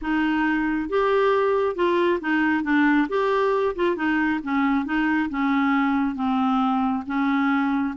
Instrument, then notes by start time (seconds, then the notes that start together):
clarinet
0.01 D#4
0.89 G4
1.75 F4
2.20 D#4
2.63 D4
3.08 G4
3.75 F4
3.96 D#4
4.43 C#4
4.85 D#4
5.29 C#4
6.15 C4
7.06 C#4